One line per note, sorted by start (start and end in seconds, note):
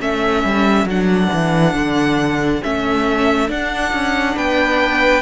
0.00 0.44 A3
0.00 0.87 C#4
0.00 4.36 A4
0.00 0.87 E5
0.44 0.85 G3
0.85 1.28 F#3
0.85 2.62 D4
0.85 2.63 F#5
1.33 1.74 E3
1.74 2.61 D3
2.62 3.49 A3
2.62 3.47 C#4
2.62 3.50 E5
3.47 5.21 D4
3.47 3.92 D4
3.47 4.37 F#5
3.92 4.36 C#4
4.36 5.22 B3
4.36 5.22 B4
4.36 5.22 G5